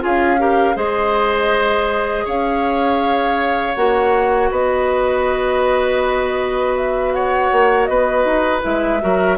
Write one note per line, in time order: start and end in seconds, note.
0.00 0.76 C#4
0.00 0.38 F4
0.00 0.40 G#4
0.00 0.78 F5
0.39 0.75 G4
0.39 0.76 A#4
0.75 2.26 G#3
0.75 3.75 G#4
0.75 2.25 C5
0.75 2.28 D#5
2.25 3.76 C#4
2.25 4.50 C#5
2.25 3.76 F5
3.76 4.51 A#3
3.76 8.62 F#4
3.76 4.51 F#5
4.51 7.51 B3
4.51 7.13 B4
4.51 6.77 D#5
6.77 7.14 E5
7.14 7.90 C#5
7.14 7.85 F#5
7.52 7.88 A#3
7.85 8.25 B3
7.85 9.02 B4
7.85 8.60 D#5
8.25 8.62 D#4
8.62 9.03 G#3
8.62 9.00 E4
8.62 9.38 E5
9.01 9.38 F#3
9.01 9.38 F#4
9.01 9.38 A#4